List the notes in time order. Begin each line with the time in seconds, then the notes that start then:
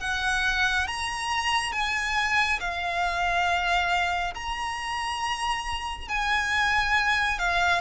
0.00 F#5
0.87 A#5
1.72 G#5
2.60 F5
4.34 A#5
6.08 G#5
7.39 F5